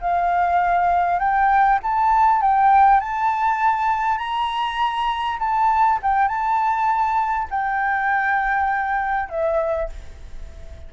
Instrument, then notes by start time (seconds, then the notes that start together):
flute
0.00 F5
1.19 G5
1.82 A5
2.41 G5
3.00 A5
4.18 A#5
5.39 A5
6.02 G5
6.28 A5
7.50 G5
9.29 E5